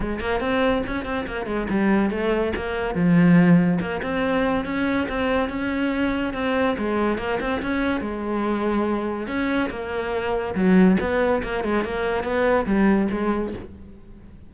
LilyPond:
\new Staff \with { instrumentName = "cello" } { \time 4/4 \tempo 4 = 142 gis8 ais8 c'4 cis'8 c'8 ais8 gis8 | g4 a4 ais4 f4~ | f4 ais8 c'4. cis'4 | c'4 cis'2 c'4 |
gis4 ais8 c'8 cis'4 gis4~ | gis2 cis'4 ais4~ | ais4 fis4 b4 ais8 gis8 | ais4 b4 g4 gis4 | }